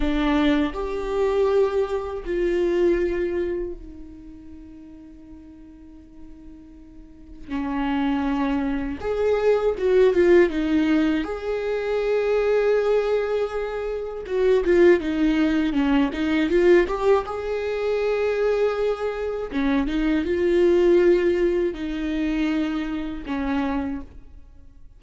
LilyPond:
\new Staff \with { instrumentName = "viola" } { \time 4/4 \tempo 4 = 80 d'4 g'2 f'4~ | f'4 dis'2.~ | dis'2 cis'2 | gis'4 fis'8 f'8 dis'4 gis'4~ |
gis'2. fis'8 f'8 | dis'4 cis'8 dis'8 f'8 g'8 gis'4~ | gis'2 cis'8 dis'8 f'4~ | f'4 dis'2 cis'4 | }